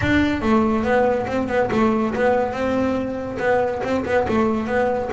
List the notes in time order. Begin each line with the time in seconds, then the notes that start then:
0.01 D4
0.41 A3
0.83 B3
1.26 C4
1.48 B3
1.71 A3
2.14 B3
2.53 C4
3.39 B3
3.83 C4
4.05 B3
4.28 A3
4.67 B3